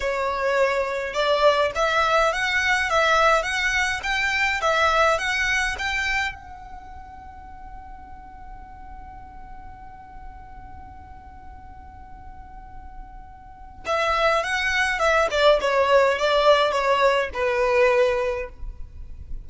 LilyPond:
\new Staff \with { instrumentName = "violin" } { \time 4/4 \tempo 4 = 104 cis''2 d''4 e''4 | fis''4 e''4 fis''4 g''4 | e''4 fis''4 g''4 fis''4~ | fis''1~ |
fis''1~ | fis''1 | e''4 fis''4 e''8 d''8 cis''4 | d''4 cis''4 b'2 | }